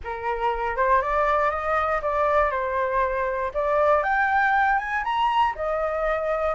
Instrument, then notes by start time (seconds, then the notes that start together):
flute
0.04 A#4
0.76 C5
1.01 D5
1.50 D#5
2.02 D5
2.50 C5
3.54 D5
4.03 G5
4.78 G#5
5.04 A#5
5.55 D#5